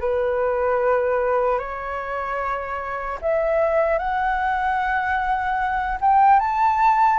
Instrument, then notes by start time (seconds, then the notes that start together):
flute
0.00 B4
1.59 C#5
3.21 E5
3.98 F#5
6.00 G5
6.39 A5